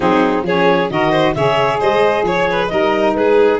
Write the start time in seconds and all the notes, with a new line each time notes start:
0.00 F#3 C4 D#4 G#4
0.42 F3 C#4 G#4 C#5
0.90 D#3 F#4 A#4 D#5
1.11 C5
1.34 C#3 G#4 C#5 E5
1.79 G#3 C5 D#5
2.22 F3 C#5
2.49 B4
2.68 G3 D#4 A#4 D#5
3.14 G#3 G#4 B4